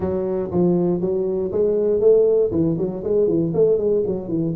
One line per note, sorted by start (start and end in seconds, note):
0.00 0.50 F#3
0.51 1.01 F3
1.01 1.51 F#3
1.51 2.00 G#3
2.00 2.50 A3
2.51 2.76 E3
2.77 3.03 F#3
3.03 3.27 G#3
3.27 3.52 E3
3.53 3.78 A3
3.78 4.03 G#3
4.06 4.28 F#3
4.28 4.53 E3